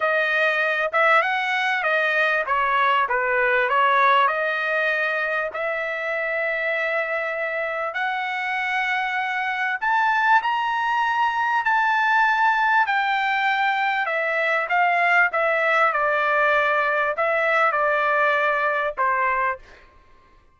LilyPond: \new Staff \with { instrumentName = "trumpet" } { \time 4/4 \tempo 4 = 98 dis''4. e''8 fis''4 dis''4 | cis''4 b'4 cis''4 dis''4~ | dis''4 e''2.~ | e''4 fis''2. |
a''4 ais''2 a''4~ | a''4 g''2 e''4 | f''4 e''4 d''2 | e''4 d''2 c''4 | }